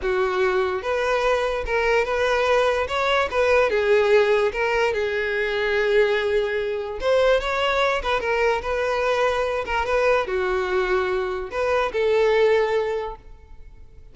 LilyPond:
\new Staff \with { instrumentName = "violin" } { \time 4/4 \tempo 4 = 146 fis'2 b'2 | ais'4 b'2 cis''4 | b'4 gis'2 ais'4 | gis'1~ |
gis'4 c''4 cis''4. b'8 | ais'4 b'2~ b'8 ais'8 | b'4 fis'2. | b'4 a'2. | }